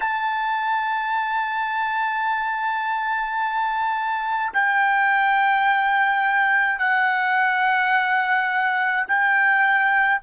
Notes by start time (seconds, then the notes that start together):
0.00 A5
4.53 G5
6.79 F#5
9.08 G5